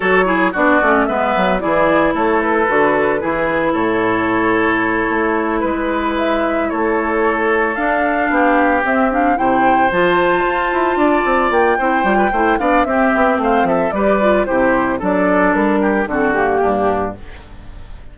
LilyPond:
<<
  \new Staff \with { instrumentName = "flute" } { \time 4/4 \tempo 4 = 112 cis''4 d''4 e''4 d''4 | cis''8 b'2~ b'8 cis''4~ | cis''2~ cis''8 b'4 e''8~ | e''8 cis''2 f''4.~ |
f''8 e''8 f''8 g''4 a''4.~ | a''4. g''2 f''8 | e''4 f''8 e''8 d''4 c''4 | d''4 ais'4 a'8 g'4. | }
  \new Staff \with { instrumentName = "oboe" } { \time 4/4 a'8 gis'8 fis'4 b'4 gis'4 | a'2 gis'4 a'4~ | a'2~ a'8 b'4.~ | b'8 a'2. g'8~ |
g'4. c''2~ c''8~ | c''8 d''4. c''8. b'16 c''8 d''8 | g'4 c''8 a'8 b'4 g'4 | a'4. g'8 fis'4 d'4 | }
  \new Staff \with { instrumentName = "clarinet" } { \time 4/4 fis'8 e'8 d'8 cis'8 b4 e'4~ | e'4 fis'4 e'2~ | e'1~ | e'2~ e'8 d'4.~ |
d'8 c'8 d'8 e'4 f'4.~ | f'2 e'8 f'8 e'8 d'8 | c'2 g'8 f'8 e'4 | d'2 c'8 ais4. | }
  \new Staff \with { instrumentName = "bassoon" } { \time 4/4 fis4 b8 a8 gis8 fis8 e4 | a4 d4 e4 a,4~ | a,4. a4 gis4.~ | gis8 a2 d'4 b8~ |
b8 c'4 c4 f4 f'8 | e'8 d'8 c'8 ais8 c'8 g8 a8 b8 | c'8 b8 a8 f8 g4 c4 | fis4 g4 d4 g,4 | }
>>